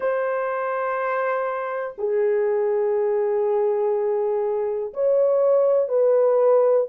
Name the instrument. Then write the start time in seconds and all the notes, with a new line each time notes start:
horn
0.00 C5
1.98 G#4
4.93 C#5
5.88 B4